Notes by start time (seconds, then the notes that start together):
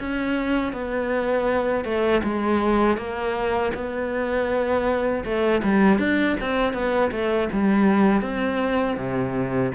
0.00 C#4
0.73 B3
1.85 A3
2.24 G#3
2.98 A#3
3.74 B3
5.25 A3
5.64 G3
5.99 D4
6.41 C4
6.74 B3
7.11 A3
7.53 G3
8.22 C4
8.97 C3